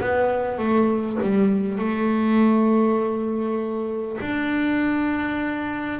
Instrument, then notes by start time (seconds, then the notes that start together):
double bass
0.00 B3
0.58 A3
1.22 G3
1.78 A3
4.21 D4